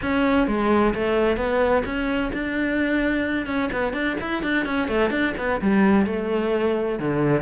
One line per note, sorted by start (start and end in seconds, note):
0.01 0.47 C#4
0.47 0.93 G#3
0.94 1.36 A3
1.36 1.83 B3
1.85 2.31 C#4
2.33 3.46 D4
3.46 3.69 C#4
3.72 3.93 B3
3.93 4.16 D4
4.20 4.42 E4
4.42 4.65 D4
4.65 4.88 C#4
4.88 5.10 A3
5.10 5.33 D4
5.37 5.60 B3
5.61 6.06 G3
6.06 6.99 A3
6.99 7.41 D3